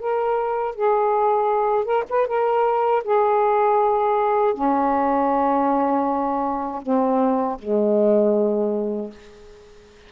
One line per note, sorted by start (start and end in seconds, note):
0.00 0.75 A#4
0.75 1.85 G#4
1.85 2.04 A#4
2.10 2.28 B4
2.28 3.03 A#4
3.04 4.54 G#4
4.54 6.82 C#4
6.83 7.58 C4
7.59 9.11 G#3